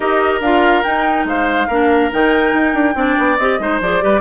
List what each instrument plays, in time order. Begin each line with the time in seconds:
0.00 bassoon D#4, clarinet G4, oboe A#4, flute D#5
0.40 bassoon D4, clarinet F4, flute F5
0.83 clarinet D#4, bassoon D#4, flute G5
1.24 bassoon G#3, oboe C5, flute F5
1.67 bassoon A#3, clarinet D4, oboe A#4
2.11 bassoon D#3, clarinet D#4, flute G5
2.53 bassoon D#4
2.74 bassoon D4
2.94 bassoon C4, clarinet D4, oboe D5
3.18 bassoon B3
3.37 bassoon C4, clarinet G4, flute D#5
3.59 bassoon G#3, clarinet D#4, oboe C5
3.80 bassoon F3, clarinet G#4, flute D5
4.00 bassoon G3, clarinet G4, oboe B4